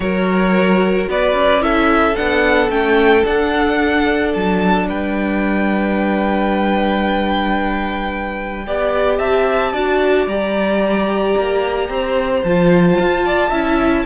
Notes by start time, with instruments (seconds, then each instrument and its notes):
0.00 cello F#3, viola F#4, violin A#4 C#5
1.08 cello B3, violin B4 D5
1.32 cello C#4
1.60 viola E4, violin A4 E5
2.16 cello B3, viola D4, violin F#5
2.69 cello A3, viola C#4, violin G5
3.23 viola D4, cello D4, violin F#5
4.33 cello F#3, violin A5
4.88 cello G3, violin B4 G5
8.66 cello B3, viola G4, violin D5
9.18 cello C4, violin E5 A5
9.72 cello D4, viola F#4, violin D5
10.26 cello G3, viola G4, violin A#5
11.37 cello A#3
11.88 cello C4, violin C5
12.43 cello F3, viola F4, violin A5
12.99 cello F4
13.25 violin D5
13.49 cello C#4, viola E4, violin E5